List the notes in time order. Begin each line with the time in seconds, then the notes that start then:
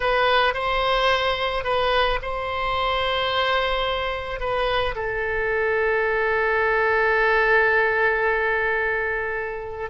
0.00 B4
0.54 C5
1.64 B4
2.22 C5
4.39 B4
4.95 A4